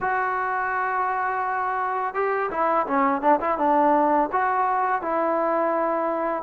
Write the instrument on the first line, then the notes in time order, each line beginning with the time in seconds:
trombone
0.00 F#4
2.14 G4
2.50 E4
2.86 C#4
3.21 D4
3.40 E4
3.57 D4
4.31 F#4
5.01 E4